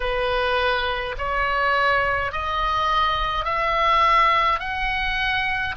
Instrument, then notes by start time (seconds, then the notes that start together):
oboe
0.00 B4
1.17 C#5
2.31 D#5
3.44 E5
4.59 F#5